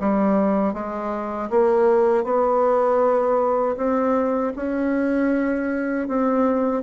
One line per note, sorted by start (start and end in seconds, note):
0.00 0.74 G3
0.74 1.49 G#3
1.50 2.24 A#3
2.24 3.76 B3
3.77 4.53 C4
4.56 6.08 C#4
6.08 6.83 C4